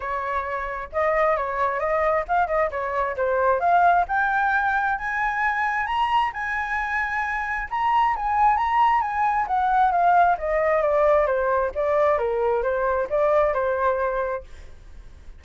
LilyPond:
\new Staff \with { instrumentName = "flute" } { \time 4/4 \tempo 4 = 133 cis''2 dis''4 cis''4 | dis''4 f''8 dis''8 cis''4 c''4 | f''4 g''2 gis''4~ | gis''4 ais''4 gis''2~ |
gis''4 ais''4 gis''4 ais''4 | gis''4 fis''4 f''4 dis''4 | d''4 c''4 d''4 ais'4 | c''4 d''4 c''2 | }